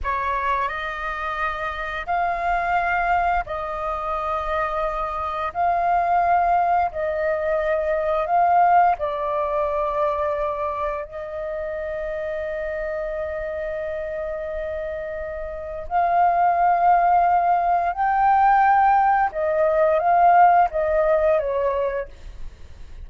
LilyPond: \new Staff \with { instrumentName = "flute" } { \time 4/4 \tempo 4 = 87 cis''4 dis''2 f''4~ | f''4 dis''2. | f''2 dis''2 | f''4 d''2. |
dis''1~ | dis''2. f''4~ | f''2 g''2 | dis''4 f''4 dis''4 cis''4 | }